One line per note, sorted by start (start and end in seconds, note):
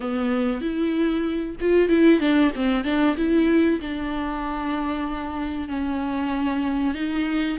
0.00 0.61 B3
0.61 1.56 E4
1.60 1.88 F4
1.88 2.20 E4
2.20 2.51 D4
2.55 2.84 C4
2.84 3.16 D4
3.16 3.80 E4
3.80 5.68 D4
5.68 6.94 C#4
6.94 7.57 D#4